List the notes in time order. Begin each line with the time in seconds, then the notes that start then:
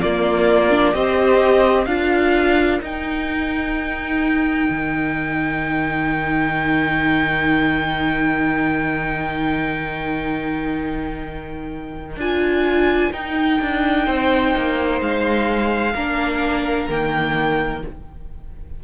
0.00 A#3 F4 D5
0.70 D4
0.93 C4 G4 C5 D#5
1.85 D4 F4 A#4 F5
2.81 D#4 G5
4.69 D#3
12.16 D4 F4 G#5
13.12 D#4 G5
13.61 D4
14.05 C4 C5
14.56 A#3
15.01 G#3 F5
15.94 A#3 D4 A#4
16.89 D#3 A#3 G5